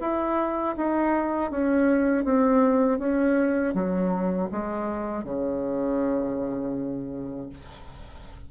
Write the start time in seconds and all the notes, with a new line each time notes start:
0.00 E4
0.77 D#4
1.50 C#4
2.24 C4
2.99 C#4
3.73 F#3
4.51 G#3
5.24 C#3